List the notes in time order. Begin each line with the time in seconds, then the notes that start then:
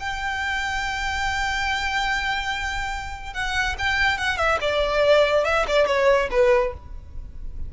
0.00 G5
3.34 F#5
3.79 G5
4.18 F#5
4.38 E5
4.61 D5
5.45 E5
5.68 D5
5.87 C#5
6.31 B4